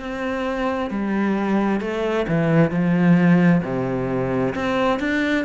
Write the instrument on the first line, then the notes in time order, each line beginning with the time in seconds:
cello
0.00 C4
0.91 G3
1.81 A3
2.29 E3
2.71 F3
3.64 C3
4.56 C4
5.00 D4